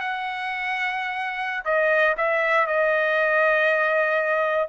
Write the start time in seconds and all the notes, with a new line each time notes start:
0.00 F#5
1.65 D#5
2.17 E5
2.67 D#5